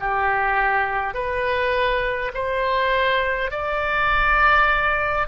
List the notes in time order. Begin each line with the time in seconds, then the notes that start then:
0.00 G4
1.14 B4
2.34 C5
3.51 D5